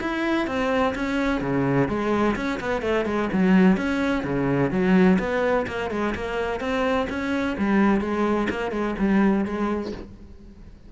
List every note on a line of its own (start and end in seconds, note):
0.00 0.47 E4
0.47 0.94 C4
0.94 1.41 C#4
1.41 1.88 C#3
1.88 2.35 G#3
2.35 2.59 C#4
2.60 2.82 B3
2.82 3.05 A3
3.05 3.29 G#3
3.32 3.77 F#3
3.77 4.24 C#4
4.24 4.71 C#3
4.71 5.18 F#3
5.19 5.66 B3
5.67 5.90 A#3
5.90 6.14 G#3
6.15 6.60 A#3
6.60 7.07 C4
7.09 7.56 C#4
7.57 8.00 G3
8.00 8.48 G#3
8.49 8.71 A#3
8.71 8.95 G#3
8.98 9.45 G3
9.45 9.92 G#3